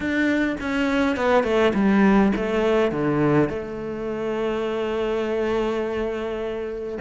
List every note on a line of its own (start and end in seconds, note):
0.00 0.56 D4
0.60 1.16 C#4
1.16 1.43 B3
1.43 1.72 A3
1.74 2.32 G3
2.36 2.91 A3
2.91 3.49 D3
3.49 6.98 A3